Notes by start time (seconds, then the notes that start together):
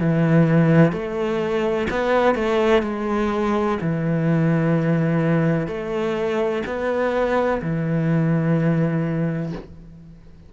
0.00 E3
0.93 A3
1.91 B3
2.35 A3
2.83 G#3
3.82 E3
5.68 A3
6.67 B3
7.62 E3